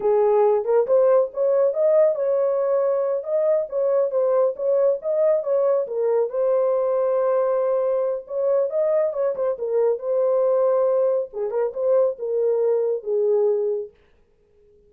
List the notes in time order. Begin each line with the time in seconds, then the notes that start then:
0.00 G#4
0.64 A#4
0.87 C5
1.33 C#5
1.73 D#5
2.15 C#5
3.23 D#5
3.69 C#5
4.10 C5
4.56 C#5
5.01 D#5
5.43 C#5
5.87 A#4
6.29 C5
8.27 C#5
8.70 D#5
9.13 C#5
9.35 C5
9.58 A#4
9.98 C5
11.33 G#4
11.50 A#4
11.73 C5
12.19 A#4
13.03 G#4